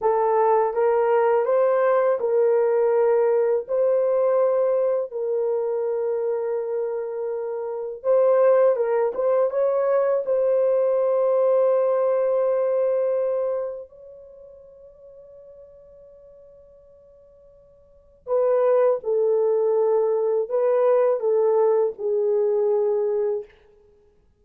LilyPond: \new Staff \with { instrumentName = "horn" } { \time 4/4 \tempo 4 = 82 a'4 ais'4 c''4 ais'4~ | ais'4 c''2 ais'4~ | ais'2. c''4 | ais'8 c''8 cis''4 c''2~ |
c''2. cis''4~ | cis''1~ | cis''4 b'4 a'2 | b'4 a'4 gis'2 | }